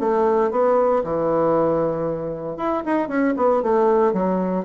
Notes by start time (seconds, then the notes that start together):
0.00 A3
0.51 B3
1.04 E3
2.57 E4
2.86 D#4
3.09 C#4
3.37 B3
3.63 A3
4.14 F#3